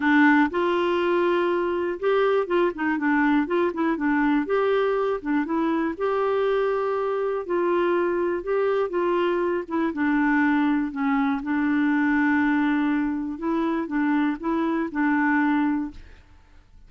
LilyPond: \new Staff \with { instrumentName = "clarinet" } { \time 4/4 \tempo 4 = 121 d'4 f'2. | g'4 f'8 dis'8 d'4 f'8 e'8 | d'4 g'4. d'8 e'4 | g'2. f'4~ |
f'4 g'4 f'4. e'8 | d'2 cis'4 d'4~ | d'2. e'4 | d'4 e'4 d'2 | }